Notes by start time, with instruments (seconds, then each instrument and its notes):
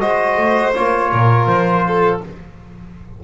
0.00 double bass G#3, trombone F#4, violin C5, trumpet D#5
0.37 double bass A3
0.74 double bass A#3, trombone F4, trumpet C#5
1.12 double bass A#2, violin A#4
1.47 double bass F3, trumpet C5
1.87 violin A4